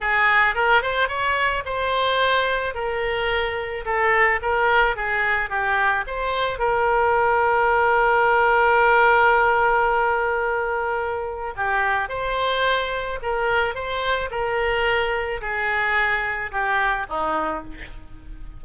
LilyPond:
\new Staff \with { instrumentName = "oboe" } { \time 4/4 \tempo 4 = 109 gis'4 ais'8 c''8 cis''4 c''4~ | c''4 ais'2 a'4 | ais'4 gis'4 g'4 c''4 | ais'1~ |
ais'1~ | ais'4 g'4 c''2 | ais'4 c''4 ais'2 | gis'2 g'4 dis'4 | }